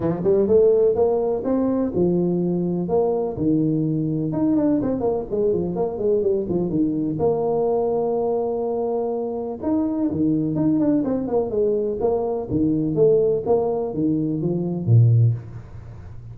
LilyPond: \new Staff \with { instrumentName = "tuba" } { \time 4/4 \tempo 4 = 125 f8 g8 a4 ais4 c'4 | f2 ais4 dis4~ | dis4 dis'8 d'8 c'8 ais8 gis8 f8 | ais8 gis8 g8 f8 dis4 ais4~ |
ais1 | dis'4 dis4 dis'8 d'8 c'8 ais8 | gis4 ais4 dis4 a4 | ais4 dis4 f4 ais,4 | }